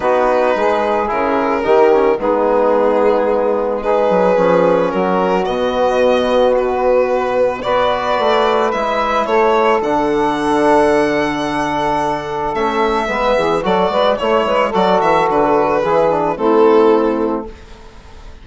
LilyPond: <<
  \new Staff \with { instrumentName = "violin" } { \time 4/4 \tempo 4 = 110 b'2 ais'2 | gis'2. b'4~ | b'4 ais'4 dis''2 | b'2 d''2 |
e''4 cis''4 fis''2~ | fis''2. e''4~ | e''4 d''4 cis''4 d''8 e''8 | b'2 a'2 | }
  \new Staff \with { instrumentName = "saxophone" } { \time 4/4 fis'4 gis'2 g'4 | dis'2. gis'4~ | gis'4 fis'2.~ | fis'2 b'2~ |
b'4 a'2.~ | a'1 | b'8 gis'8 a'8 b'8 cis''8 b'8 a'4~ | a'4 gis'4 e'2 | }
  \new Staff \with { instrumentName = "trombone" } { \time 4/4 dis'2 e'4 dis'8 cis'8 | b2. dis'4 | cis'2 b2~ | b2 fis'2 |
e'2 d'2~ | d'2. cis'4 | b4 fis'4 e'4 fis'4~ | fis'4 e'8 d'8 c'2 | }
  \new Staff \with { instrumentName = "bassoon" } { \time 4/4 b4 gis4 cis4 dis4 | gis2.~ gis8 fis8 | f4 fis4 b,2~ | b,2 b4 a4 |
gis4 a4 d2~ | d2. a4 | gis8 e8 fis8 gis8 a8 gis8 fis8 e8 | d4 e4 a2 | }
>>